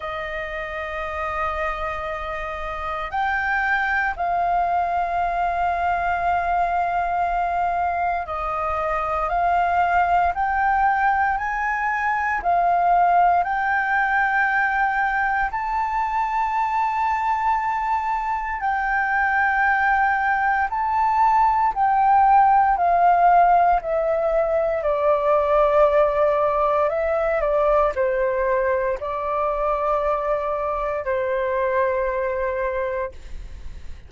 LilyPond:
\new Staff \with { instrumentName = "flute" } { \time 4/4 \tempo 4 = 58 dis''2. g''4 | f''1 | dis''4 f''4 g''4 gis''4 | f''4 g''2 a''4~ |
a''2 g''2 | a''4 g''4 f''4 e''4 | d''2 e''8 d''8 c''4 | d''2 c''2 | }